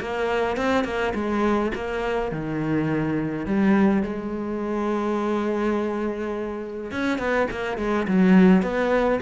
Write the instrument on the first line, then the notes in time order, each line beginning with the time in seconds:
cello
0.00 A#3
0.57 C4
0.84 A#3
1.14 G#3
1.74 A#3
2.32 D#3
3.46 G3
4.03 G#3
6.91 C#4
7.18 B3
7.51 A#3
7.78 G#3
8.07 F#3
8.62 B3